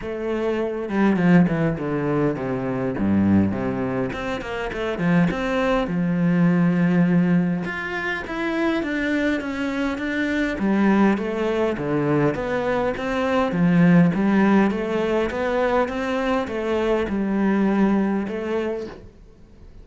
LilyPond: \new Staff \with { instrumentName = "cello" } { \time 4/4 \tempo 4 = 102 a4. g8 f8 e8 d4 | c4 g,4 c4 c'8 ais8 | a8 f8 c'4 f2~ | f4 f'4 e'4 d'4 |
cis'4 d'4 g4 a4 | d4 b4 c'4 f4 | g4 a4 b4 c'4 | a4 g2 a4 | }